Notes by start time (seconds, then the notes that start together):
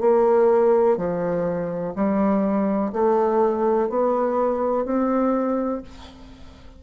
0.00 A#3
0.97 F3
1.95 G3
2.92 A3
3.89 B3
4.85 C4